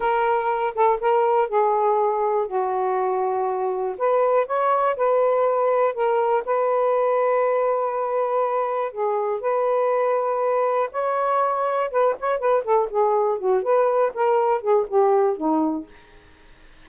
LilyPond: \new Staff \with { instrumentName = "saxophone" } { \time 4/4 \tempo 4 = 121 ais'4. a'8 ais'4 gis'4~ | gis'4 fis'2. | b'4 cis''4 b'2 | ais'4 b'2.~ |
b'2 gis'4 b'4~ | b'2 cis''2 | b'8 cis''8 b'8 a'8 gis'4 fis'8 b'8~ | b'8 ais'4 gis'8 g'4 dis'4 | }